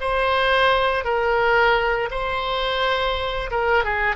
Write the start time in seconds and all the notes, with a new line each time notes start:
0.00 C5
1.04 A#4
2.11 C5
3.50 A#4
3.84 G#4